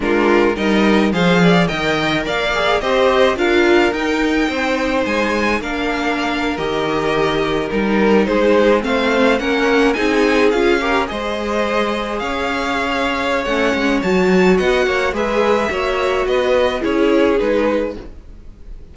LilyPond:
<<
  \new Staff \with { instrumentName = "violin" } { \time 4/4 \tempo 4 = 107 ais'4 dis''4 f''4 g''4 | f''4 dis''4 f''4 g''4~ | g''4 gis''4 f''4.~ f''16 dis''16~ | dis''4.~ dis''16 ais'4 c''4 f''16~ |
f''8. fis''4 gis''4 f''4 dis''16~ | dis''4.~ dis''16 f''2~ f''16 | fis''4 a''4 fis''4 e''4~ | e''4 dis''4 cis''4 b'4 | }
  \new Staff \with { instrumentName = "violin" } { \time 4/4 f'4 ais'4 c''8 d''8 dis''4 | d''4 c''4 ais'2 | c''2 ais'2~ | ais'2~ ais'8. gis'4 c''16~ |
c''8. ais'4 gis'4. ais'8 c''16~ | c''4.~ c''16 cis''2~ cis''16~ | cis''2 dis''8 cis''8 b'4 | cis''4 b'4 gis'2 | }
  \new Staff \with { instrumentName = "viola" } { \time 4/4 d'4 dis'4 gis'4 ais'4~ | ais'8 gis'8 g'4 f'4 dis'4~ | dis'2 d'4.~ d'16 g'16~ | g'4.~ g'16 dis'2 c'16~ |
c'8. cis'4 dis'4 f'8 g'8 gis'16~ | gis'1 | cis'4 fis'2 gis'4 | fis'2 e'4 dis'4 | }
  \new Staff \with { instrumentName = "cello" } { \time 4/4 gis4 g4 f4 dis4 | ais4 c'4 d'4 dis'4 | c'4 gis4 ais4.~ ais16 dis16~ | dis4.~ dis16 g4 gis4 a16~ |
a8. ais4 c'4 cis'4 gis16~ | gis4.~ gis16 cis'2~ cis'16 | a8 gis8 fis4 b8 ais8 gis4 | ais4 b4 cis'4 gis4 | }
>>